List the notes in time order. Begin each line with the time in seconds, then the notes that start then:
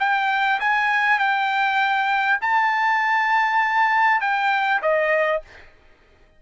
0.00 G5
0.60 G#5
1.19 G5
2.42 A5
4.21 G5
4.82 D#5